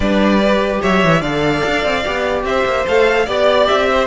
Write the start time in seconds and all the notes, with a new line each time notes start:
0.00 G3 D4 B4 D5
0.43 G4
0.81 F#3 C#5 E5
1.04 E3
1.20 D3 A4 D5 F5
1.65 D4
1.84 C4
2.05 B3 G4
2.44 C4 C5 E5
2.65 A#3
2.87 A3 A4 F5
3.25 B3 G4 D5
3.67 C4 E5
3.90 C5